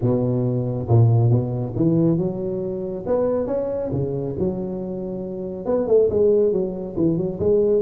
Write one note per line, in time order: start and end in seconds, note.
0.01 0.88 B2
0.88 1.30 A#2
1.30 1.73 B2
1.76 2.17 E3
2.17 3.04 F#3
3.06 3.47 B3
3.47 3.90 C#4
3.92 4.35 C#3
4.38 5.65 F#3
5.65 5.87 B3
5.87 6.08 A3
6.10 6.52 G#3
6.52 6.95 F#3
6.96 7.17 E3
7.17 7.39 F#3
7.39 7.82 G#3